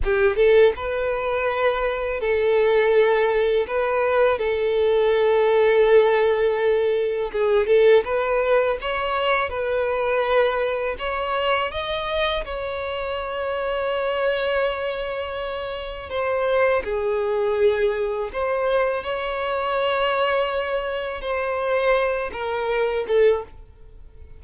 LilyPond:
\new Staff \with { instrumentName = "violin" } { \time 4/4 \tempo 4 = 82 g'8 a'8 b'2 a'4~ | a'4 b'4 a'2~ | a'2 gis'8 a'8 b'4 | cis''4 b'2 cis''4 |
dis''4 cis''2.~ | cis''2 c''4 gis'4~ | gis'4 c''4 cis''2~ | cis''4 c''4. ais'4 a'8 | }